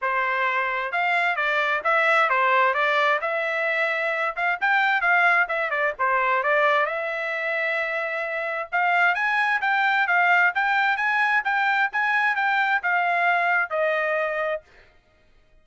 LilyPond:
\new Staff \with { instrumentName = "trumpet" } { \time 4/4 \tempo 4 = 131 c''2 f''4 d''4 | e''4 c''4 d''4 e''4~ | e''4. f''8 g''4 f''4 | e''8 d''8 c''4 d''4 e''4~ |
e''2. f''4 | gis''4 g''4 f''4 g''4 | gis''4 g''4 gis''4 g''4 | f''2 dis''2 | }